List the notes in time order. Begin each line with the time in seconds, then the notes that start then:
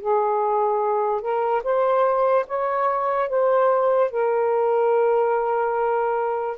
0.00 G#4
1.21 A#4
1.63 C5
2.47 C#5
3.29 C5
4.11 A#4